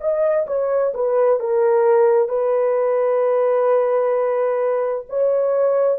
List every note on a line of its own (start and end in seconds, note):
0.00 0.46 D#5
0.47 0.93 C#5
0.94 1.39 B4
1.39 2.28 A#4
2.28 5.05 B4
5.09 5.98 C#5